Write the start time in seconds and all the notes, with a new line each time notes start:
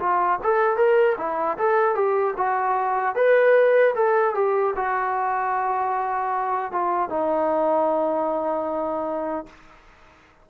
0.00 F4
0.44 A4
0.77 A#4
1.18 E4
1.58 A4
1.95 G4
2.38 F#4
3.16 B4
3.95 A4
4.35 G4
4.76 F#4
6.72 F4
7.09 D#4